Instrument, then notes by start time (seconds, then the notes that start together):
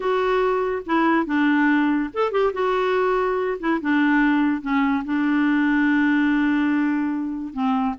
clarinet
0.00 F#4
0.85 E4
1.26 D4
2.13 A4
2.31 G4
2.53 F#4
3.59 E4
3.81 D4
4.61 C#4
5.05 D4
7.53 C4